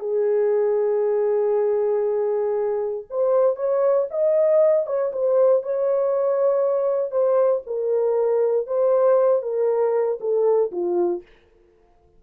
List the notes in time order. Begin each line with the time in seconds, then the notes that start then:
0.00 G#4
3.11 C5
3.56 C#5
4.11 D#5
4.87 C#5
5.13 C5
5.63 C#5
7.12 C5
7.67 A#4
8.67 C5
9.43 A#4
10.21 A4
10.72 F4